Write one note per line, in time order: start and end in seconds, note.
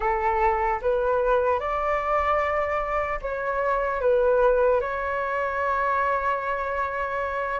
0.00 0.80 A4
0.81 1.59 B4
1.59 3.19 D5
3.21 4.00 C#5
4.00 4.80 B4
4.80 7.60 C#5